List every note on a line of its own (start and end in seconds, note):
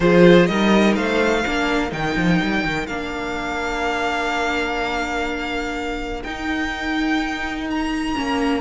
0.00 0.48 F3
0.00 0.48 F4
0.00 0.49 G#4
0.00 0.46 C5
0.46 0.96 G3
0.46 1.44 D#4
0.46 0.96 A#4
0.46 0.94 D#5
0.95 1.44 A3
0.95 1.44 C5
0.95 1.91 F5
1.44 1.91 A#3
1.44 1.89 D4
1.44 8.61 A#4
1.89 2.15 D#3
1.89 2.85 D#4
1.89 2.86 G5
2.16 2.40 F3
2.41 2.64 G3
2.64 2.87 D#3
2.86 6.23 A#3
2.86 6.25 D4
2.86 6.22 F5
6.23 8.16 D#4
6.23 8.15 D#4
6.23 7.67 G5
7.70 8.61 A#5
8.15 8.61 A#3
8.15 8.61 C#4